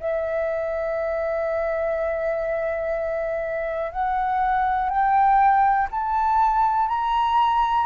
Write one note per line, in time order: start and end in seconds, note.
0.00 3.92 E5
3.92 4.90 F#5
4.90 5.88 G5
5.92 6.89 A5
6.89 7.86 A#5